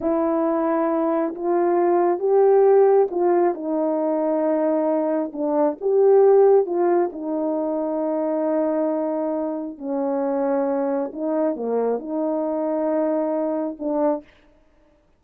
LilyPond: \new Staff \with { instrumentName = "horn" } { \time 4/4 \tempo 4 = 135 e'2. f'4~ | f'4 g'2 f'4 | dis'1 | d'4 g'2 f'4 |
dis'1~ | dis'2 cis'2~ | cis'4 dis'4 ais4 dis'4~ | dis'2. d'4 | }